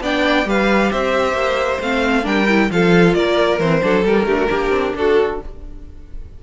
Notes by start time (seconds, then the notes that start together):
0.00 B3 D4 D5 G5
0.45 G3 G4 B4 F5
0.91 C4 C5 E5
1.33 A#3
1.80 A3 C4 F5
2.22 G3 D4 A#4 G5
2.48 E4
2.70 F3 F4 A4 F5
3.14 A#3 A#4 D5
3.59 E3 C4 C5
3.82 F#3 D4 A4
4.04 G3 A#4
4.25 D3 A3 G4
4.37 F#4
4.48 A#3 D4 G4
4.70 C4
4.95 D4 F#4 A4